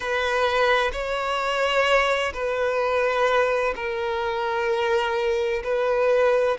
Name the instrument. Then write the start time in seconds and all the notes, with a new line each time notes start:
violin
0.00 B4
0.92 C#5
2.33 B4
3.75 A#4
5.63 B4